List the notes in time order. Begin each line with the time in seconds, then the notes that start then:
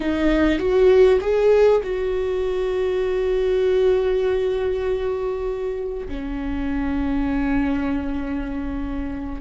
0.00 D#4
0.58 F#4
1.20 G#4
1.83 F#4
6.08 C#4